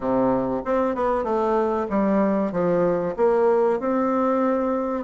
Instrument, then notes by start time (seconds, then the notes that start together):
bassoon
0.00 C3
0.64 C4
0.95 B3
1.23 A3
1.89 G3
2.51 F3
3.16 A#3
3.79 C4